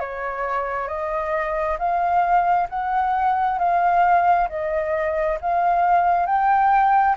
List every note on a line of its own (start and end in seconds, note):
0.00 0.88 C#5
0.88 1.78 D#5
1.79 2.68 F5
2.69 3.59 F#5
3.59 4.48 F5
4.49 5.39 D#5
5.41 6.26 F5
6.26 7.16 G5